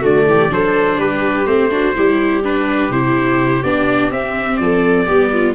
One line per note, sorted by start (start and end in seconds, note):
0.00 0.26 D3
0.00 0.50 A3
0.00 0.24 F#4
0.00 0.53 D5
0.26 0.50 E3
0.26 0.53 G4
0.50 0.99 F#3
0.50 1.46 D4
0.50 0.98 A4
0.50 1.00 C5
0.98 1.47 G3
0.98 1.70 G4
0.98 1.47 B4
1.47 1.95 A3
1.47 1.71 C4
1.47 2.43 C5
1.71 1.95 D4
1.71 1.95 F#4
1.96 2.90 G3
1.96 2.44 E4
1.96 4.62 G4
2.44 2.92 D4
2.44 2.93 B4
2.90 3.62 C3
2.90 3.64 E4
2.90 3.63 C5
3.63 4.12 B3
3.63 4.12 D4
3.63 4.11 D5
4.12 4.60 C4
4.12 5.07 C4
4.12 4.57 E5
4.57 5.08 F3
4.57 5.07 A4
4.57 5.53 D5
5.07 5.55 G3
5.07 5.55 B3
5.07 5.31 G4
5.33 5.55 F4